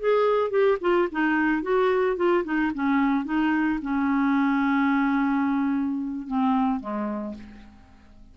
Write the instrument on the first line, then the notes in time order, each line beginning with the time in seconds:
clarinet
0.00 G#4
0.51 G4
0.82 F4
1.12 D#4
1.63 F#4
2.17 F4
2.45 D#4
2.75 C#4
3.26 D#4
3.83 C#4
6.28 C4
6.81 G#3